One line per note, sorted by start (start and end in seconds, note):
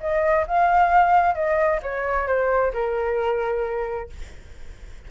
0.00 0.45 D#5
0.47 1.34 F5
1.34 1.80 D#5
1.82 2.27 C#5
2.27 2.72 C5
2.73 4.10 A#4